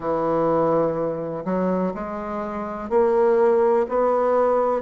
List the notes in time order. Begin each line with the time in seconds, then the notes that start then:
0.00 E3
1.45 F#3
1.94 G#3
2.89 A#3
3.88 B3